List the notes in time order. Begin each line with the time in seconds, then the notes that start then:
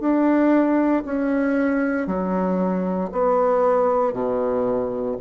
0.00 D4
1.05 C#4
2.07 F#3
3.12 B3
4.13 B2